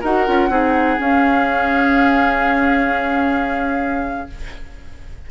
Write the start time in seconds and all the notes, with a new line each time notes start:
0.00 D#4 F#4 A#4 F#5
0.26 C#4 F4
0.49 C4 D#4 G#4
0.97 C#4 F5